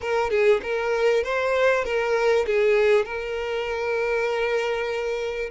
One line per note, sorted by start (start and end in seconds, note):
0.01 0.30 A#4
0.30 0.60 G#4
0.62 1.23 A#4
1.23 1.84 C5
1.84 2.45 A#4
2.46 3.05 G#4
3.05 5.50 A#4